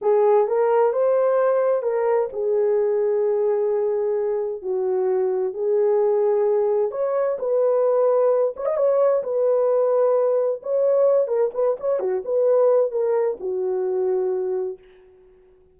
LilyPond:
\new Staff \with { instrumentName = "horn" } { \time 4/4 \tempo 4 = 130 gis'4 ais'4 c''2 | ais'4 gis'2.~ | gis'2 fis'2 | gis'2. cis''4 |
b'2~ b'8 cis''16 dis''16 cis''4 | b'2. cis''4~ | cis''8 ais'8 b'8 cis''8 fis'8 b'4. | ais'4 fis'2. | }